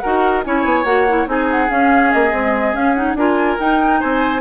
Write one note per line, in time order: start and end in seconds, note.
0.00 0.46 D#4
0.00 0.45 F#4
0.00 0.45 A#4
0.00 0.42 F#5
0.45 0.65 C#4
0.45 0.85 E4
0.45 1.30 C#5
0.45 0.85 G#5
0.65 0.85 B3
0.85 1.26 A#3
0.85 1.06 F#4
0.85 1.26 F#5
1.09 1.27 E4
1.27 1.69 C4
1.27 1.69 D#4
1.27 3.18 G#4
1.27 1.50 G#5
1.51 1.71 F#5
1.69 2.32 C#4
1.69 2.12 C#4
1.69 2.13 F5
2.13 2.32 A#3
2.13 2.76 D#5
2.32 2.74 G#3
2.32 2.74 C4
2.74 2.95 C#4
2.74 3.15 C#4
2.74 2.95 F5
2.95 3.17 D#4
2.95 3.16 F#5
3.15 3.57 D4
3.15 3.59 F4
3.15 4.00 A#4
3.15 3.59 G#5
3.59 4.41 D#4
3.59 4.02 D#4
3.59 4.01 G5
4.00 4.41 C4
4.00 4.41 C5
4.00 4.41 G#5